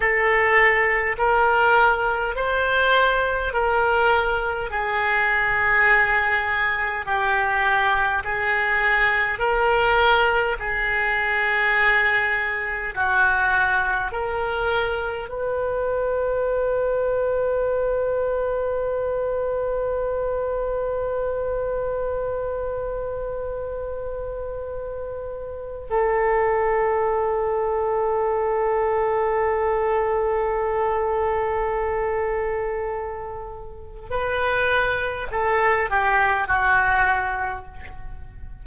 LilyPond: \new Staff \with { instrumentName = "oboe" } { \time 4/4 \tempo 4 = 51 a'4 ais'4 c''4 ais'4 | gis'2 g'4 gis'4 | ais'4 gis'2 fis'4 | ais'4 b'2.~ |
b'1~ | b'2 a'2~ | a'1~ | a'4 b'4 a'8 g'8 fis'4 | }